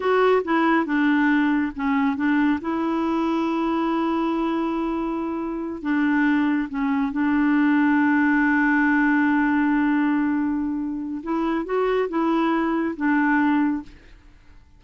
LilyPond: \new Staff \with { instrumentName = "clarinet" } { \time 4/4 \tempo 4 = 139 fis'4 e'4 d'2 | cis'4 d'4 e'2~ | e'1~ | e'4. d'2 cis'8~ |
cis'8 d'2.~ d'8~ | d'1~ | d'2 e'4 fis'4 | e'2 d'2 | }